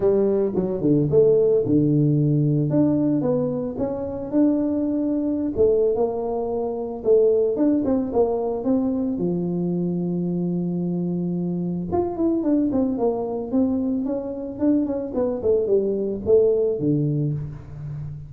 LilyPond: \new Staff \with { instrumentName = "tuba" } { \time 4/4 \tempo 4 = 111 g4 fis8 d8 a4 d4~ | d4 d'4 b4 cis'4 | d'2~ d'16 a8. ais4~ | ais4 a4 d'8 c'8 ais4 |
c'4 f2.~ | f2 f'8 e'8 d'8 c'8 | ais4 c'4 cis'4 d'8 cis'8 | b8 a8 g4 a4 d4 | }